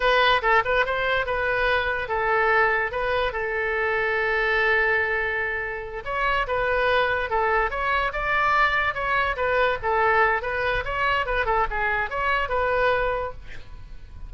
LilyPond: \new Staff \with { instrumentName = "oboe" } { \time 4/4 \tempo 4 = 144 b'4 a'8 b'8 c''4 b'4~ | b'4 a'2 b'4 | a'1~ | a'2~ a'8 cis''4 b'8~ |
b'4. a'4 cis''4 d''8~ | d''4. cis''4 b'4 a'8~ | a'4 b'4 cis''4 b'8 a'8 | gis'4 cis''4 b'2 | }